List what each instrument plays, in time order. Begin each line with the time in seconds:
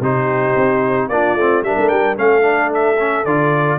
0.00 tuba C3, trombone D#4, horn G4, trumpet C5
0.56 tuba C4
1.08 tuba A#3, trombone D4, horn F4, trumpet D5
1.35 tuba A3, trombone C4
1.63 tuba G3, trombone D4, horn A#4, trumpet E5
1.78 tuba A3
1.88 tuba G3, trumpet G5
2.16 tuba A3, trombone C#4, horn A4, trumpet F5
2.42 trombone D4
2.74 trumpet E5
2.99 trombone C#4
3.25 tuba D3, trombone F4, trumpet D5